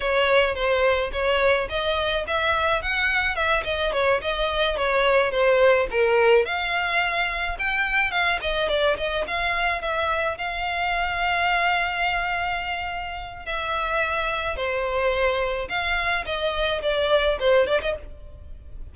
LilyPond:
\new Staff \with { instrumentName = "violin" } { \time 4/4 \tempo 4 = 107 cis''4 c''4 cis''4 dis''4 | e''4 fis''4 e''8 dis''8 cis''8 dis''8~ | dis''8 cis''4 c''4 ais'4 f''8~ | f''4. g''4 f''8 dis''8 d''8 |
dis''8 f''4 e''4 f''4.~ | f''1 | e''2 c''2 | f''4 dis''4 d''4 c''8 d''16 dis''16 | }